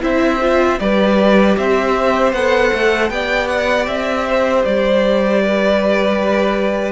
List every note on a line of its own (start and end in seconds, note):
0.00 0.79 C4
0.00 0.38 E4
0.00 0.79 C5
0.00 0.79 E5
0.41 0.79 F4
0.79 1.56 G3
0.79 2.34 G4
0.79 1.57 B4
0.79 1.56 D5
1.57 2.32 C4
1.57 3.11 C5
1.57 2.33 E5
2.32 2.71 B3
2.32 3.09 A4
2.32 3.10 F#5
2.73 3.10 A3
3.09 3.87 B3
3.09 6.92 G4
3.09 4.27 D5
3.09 3.47 G5
3.47 3.86 F#5
3.87 4.64 C4
3.87 4.64 E5
4.27 5.42 C5
4.64 6.92 G3
4.64 6.92 D5
5.42 6.92 B4